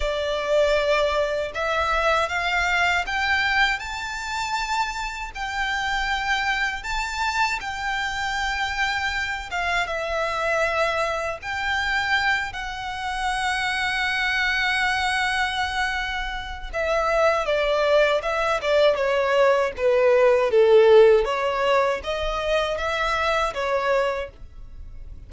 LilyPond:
\new Staff \with { instrumentName = "violin" } { \time 4/4 \tempo 4 = 79 d''2 e''4 f''4 | g''4 a''2 g''4~ | g''4 a''4 g''2~ | g''8 f''8 e''2 g''4~ |
g''8 fis''2.~ fis''8~ | fis''2 e''4 d''4 | e''8 d''8 cis''4 b'4 a'4 | cis''4 dis''4 e''4 cis''4 | }